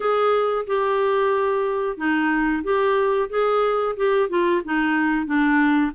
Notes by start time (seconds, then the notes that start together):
0.00 G#4
0.66 G4
1.97 D#4
2.63 G4
3.29 G#4
3.96 G4
4.29 F4
4.64 D#4
5.25 D4